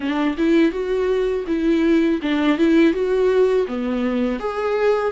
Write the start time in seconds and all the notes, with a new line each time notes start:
0.00 D4
0.37 E4
0.72 F#4
1.47 E4
2.22 D4
2.58 E4
2.93 F#4
3.67 B3
4.39 G#4